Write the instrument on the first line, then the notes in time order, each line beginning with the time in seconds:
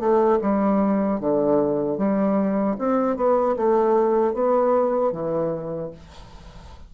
bassoon
0.00 A3
0.42 G3
1.21 D3
1.98 G3
2.79 C4
3.17 B3
3.57 A3
4.34 B3
5.12 E3